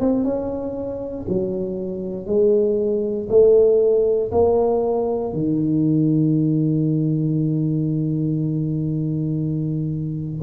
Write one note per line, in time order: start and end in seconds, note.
0.00 0.24 C4
0.24 1.26 C#4
1.29 2.27 F#3
2.27 3.28 G#3
3.29 4.31 A3
4.32 5.33 A#3
5.33 10.42 D#3